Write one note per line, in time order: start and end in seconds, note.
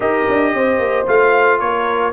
0.00 0.24 D#4
0.00 1.06 G4
0.00 0.54 A#4
0.00 1.07 D#5
0.28 0.53 D4
0.53 0.78 C4
0.53 1.61 C5
0.78 1.05 A#3
1.06 1.60 A3
1.06 2.13 F4
1.06 1.59 F5
1.59 2.13 A#3
1.59 2.13 A#4
1.59 2.13 C#5